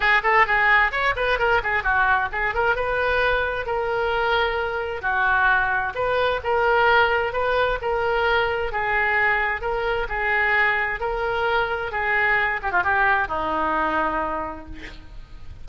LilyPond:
\new Staff \with { instrumentName = "oboe" } { \time 4/4 \tempo 4 = 131 gis'8 a'8 gis'4 cis''8 b'8 ais'8 gis'8 | fis'4 gis'8 ais'8 b'2 | ais'2. fis'4~ | fis'4 b'4 ais'2 |
b'4 ais'2 gis'4~ | gis'4 ais'4 gis'2 | ais'2 gis'4. g'16 f'16 | g'4 dis'2. | }